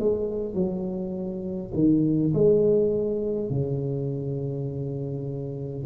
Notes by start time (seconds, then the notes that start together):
0.00 G#3
0.55 F#3
1.74 D#3
2.34 G#3
3.50 C#3